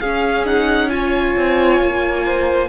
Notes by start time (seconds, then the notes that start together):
0.00 C#4 G#4 F5
0.46 D#4 F#5
0.90 F4 C#5 G#5
1.36 C4
1.81 A#3
2.26 C5